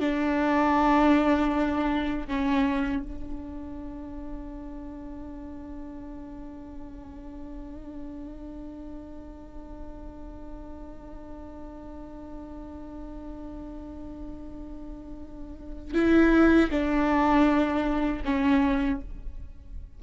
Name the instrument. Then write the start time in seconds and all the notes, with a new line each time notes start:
viola
0.00 D4
2.28 C#4
3.03 D4
15.95 E4
16.71 D4
18.25 C#4